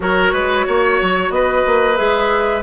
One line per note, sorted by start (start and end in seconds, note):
0.00 0.33 F#3
0.00 1.95 F#4
0.00 0.32 A#4
0.00 1.30 C#5
0.32 0.66 G#3
0.32 0.65 B4
0.67 1.00 A#3
0.67 1.33 C#5
1.01 1.29 F#3
1.29 1.62 B3
1.29 2.62 B4
1.29 1.96 D#5
1.66 1.99 A#3
1.96 2.62 G#3
1.96 2.62 G#4
1.96 2.62 E5